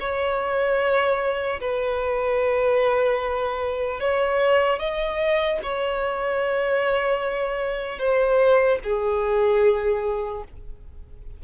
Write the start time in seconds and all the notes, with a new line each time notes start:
0.00 C#5
1.60 B4
4.00 C#5
4.79 D#5
5.63 C#5
7.99 C5
8.84 G#4